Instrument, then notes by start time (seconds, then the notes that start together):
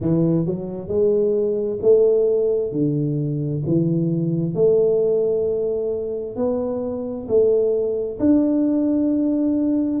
tuba
0.00 E3
0.45 F#3
0.88 G#3
1.81 A3
2.71 D3
3.66 E3
4.54 A3
6.36 B3
7.27 A3
8.19 D4